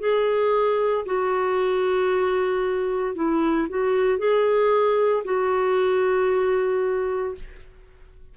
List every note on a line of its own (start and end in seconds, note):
0.00 1.05 G#4
1.06 3.15 F#4
3.15 3.68 E4
3.69 4.18 F#4
4.18 5.23 G#4
5.24 7.35 F#4